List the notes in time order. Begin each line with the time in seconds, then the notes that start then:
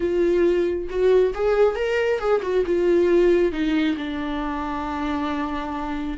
0.00 F4
0.89 F#4
1.34 G#4
1.75 A#4
2.19 G#4
2.42 F#4
2.66 F4
3.52 D#4
3.97 D4